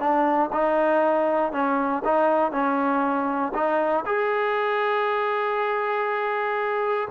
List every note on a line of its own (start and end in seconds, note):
0.00 0.50 D4
0.53 1.53 D#4
1.53 2.03 C#4
2.05 2.52 D#4
2.52 3.53 C#4
3.55 4.05 D#4
4.06 7.09 G#4